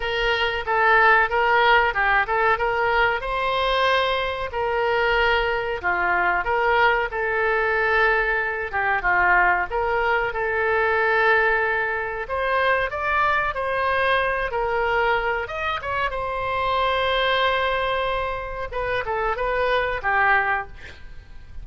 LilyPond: \new Staff \with { instrumentName = "oboe" } { \time 4/4 \tempo 4 = 93 ais'4 a'4 ais'4 g'8 a'8 | ais'4 c''2 ais'4~ | ais'4 f'4 ais'4 a'4~ | a'4. g'8 f'4 ais'4 |
a'2. c''4 | d''4 c''4. ais'4. | dis''8 cis''8 c''2.~ | c''4 b'8 a'8 b'4 g'4 | }